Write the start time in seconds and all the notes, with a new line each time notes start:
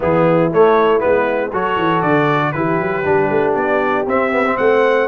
0.00 E3 B3 E4 G#4
0.53 A3 C#5
0.99 G#3 B3 B4
1.50 F#3 F#4 A4 C#5
1.76 E3
2.01 D3 D5
2.52 E3 E4 G4 B4
2.79 F#3
3.04 G3 D4
3.30 A3
3.54 B3 D5
4.06 C4 E5
4.31 B3
4.45 C4
4.57 A3 C5 F#5